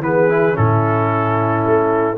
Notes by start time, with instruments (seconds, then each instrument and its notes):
0.00 tuba E3, trombone B3, horn G#4, trumpet B4
0.30 trombone E4
0.54 tuba A2, trombone C#4, horn E4, trumpet A4
1.66 tuba A3